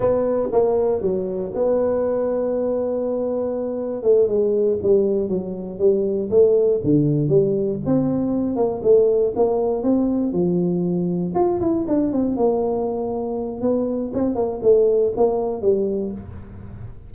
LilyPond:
\new Staff \with { instrumentName = "tuba" } { \time 4/4 \tempo 4 = 119 b4 ais4 fis4 b4~ | b1 | a8 gis4 g4 fis4 g8~ | g8 a4 d4 g4 c'8~ |
c'4 ais8 a4 ais4 c'8~ | c'8 f2 f'8 e'8 d'8 | c'8 ais2~ ais8 b4 | c'8 ais8 a4 ais4 g4 | }